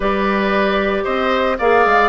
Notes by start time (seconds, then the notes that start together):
0.00 G3 G4 B4 D5
1.04 C4 C5 D#5
1.58 A#3 G#4 D5 F5
1.86 G#3